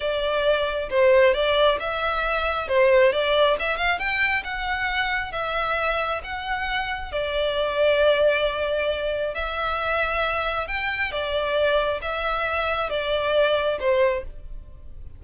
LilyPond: \new Staff \with { instrumentName = "violin" } { \time 4/4 \tempo 4 = 135 d''2 c''4 d''4 | e''2 c''4 d''4 | e''8 f''8 g''4 fis''2 | e''2 fis''2 |
d''1~ | d''4 e''2. | g''4 d''2 e''4~ | e''4 d''2 c''4 | }